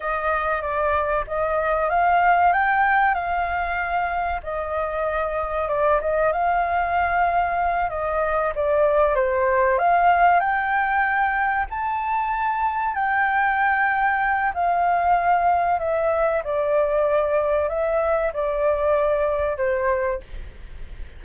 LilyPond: \new Staff \with { instrumentName = "flute" } { \time 4/4 \tempo 4 = 95 dis''4 d''4 dis''4 f''4 | g''4 f''2 dis''4~ | dis''4 d''8 dis''8 f''2~ | f''8 dis''4 d''4 c''4 f''8~ |
f''8 g''2 a''4.~ | a''8 g''2~ g''8 f''4~ | f''4 e''4 d''2 | e''4 d''2 c''4 | }